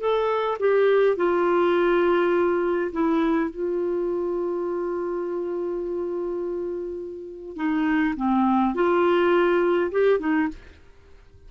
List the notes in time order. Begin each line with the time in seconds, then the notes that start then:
0.00 A4
0.60 G4
1.17 F4
2.93 E4
3.51 F4
7.57 D#4
8.17 C4
8.75 F4
9.92 G4
10.20 D#4